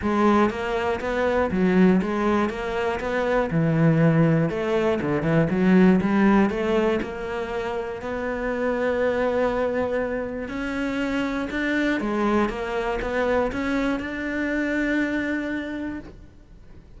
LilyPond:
\new Staff \with { instrumentName = "cello" } { \time 4/4 \tempo 4 = 120 gis4 ais4 b4 fis4 | gis4 ais4 b4 e4~ | e4 a4 d8 e8 fis4 | g4 a4 ais2 |
b1~ | b4 cis'2 d'4 | gis4 ais4 b4 cis'4 | d'1 | }